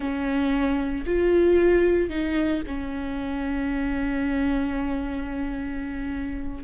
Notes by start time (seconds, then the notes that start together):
0.00 C#4
1.05 F4
2.09 D#4
2.67 C#4